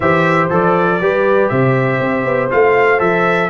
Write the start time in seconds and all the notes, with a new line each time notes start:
0.00 E3 G4 C5 E5
0.50 F3 A4 D5
1.00 G3 G4 B4
1.48 C3 C5 E5
2.00 C4
2.24 B3
2.50 A3 F4 F5
2.98 F3 A4 E5